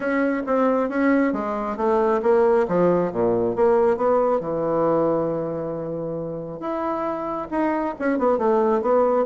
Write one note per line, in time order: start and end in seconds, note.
0.00 0.42 C#4
0.46 0.89 C4
0.89 1.32 C#4
1.32 1.76 G#3
1.76 2.21 A3
2.22 2.66 A#3
2.68 3.12 F3
3.12 3.55 A#2
3.55 3.96 A#3
3.96 4.39 B3
4.39 6.60 E3
6.60 7.48 E4
7.50 7.95 D#4
7.99 8.18 C#4
8.18 8.37 B3
8.37 8.81 A3
8.81 9.25 B3